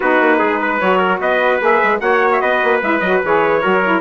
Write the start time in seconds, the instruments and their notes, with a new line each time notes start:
0.00 bassoon B3, saxophone D#4, trumpet F#4 B4
0.20 bassoon A#3
0.38 bassoon G#3, trumpet G#4
0.61 trumpet B4
0.80 bassoon F#3, saxophone F#4, trumpet C#5
0.98 trumpet A#4
1.20 bassoon B3, trumpet B4 D#5
1.60 bassoon A#3, saxophone G#4, trumpet E5
1.83 bassoon G#3
1.99 bassoon A#3, saxophone F#4, trumpet C#5 F#5
2.31 trumpet E5
2.40 bassoon B3, trumpet B4 D#5
2.63 bassoon A#3
2.82 bassoon G#3, saxophone E4, trumpet E5
3.00 bassoon F#3, saxophone F#4, trumpet D#5
3.24 bassoon E3, saxophone G#4, trumpet C#5
3.61 bassoon F#3, saxophone F#4, trumpet A#4
3.83 saxophone E4